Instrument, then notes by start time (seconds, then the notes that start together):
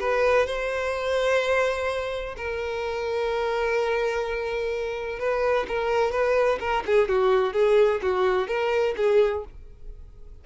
violin
0.00 B4
0.46 C5
2.37 A#4
5.19 B4
5.68 A#4
6.12 B4
6.60 A#4
6.86 G#4
7.08 F#4
7.53 G#4
8.02 F#4
8.48 A#4
8.97 G#4